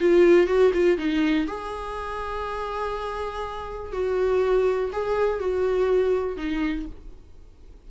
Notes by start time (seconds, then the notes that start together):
0.00 F4
0.47 F#4
0.74 F4
0.98 D#4
1.47 G#4
3.93 F#4
4.93 G#4
5.40 F#4
6.37 D#4